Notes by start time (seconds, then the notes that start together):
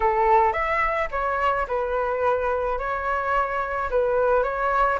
0.00 A4
0.52 E5
1.11 C#5
1.67 B4
2.78 C#5
3.90 B4
4.43 C#5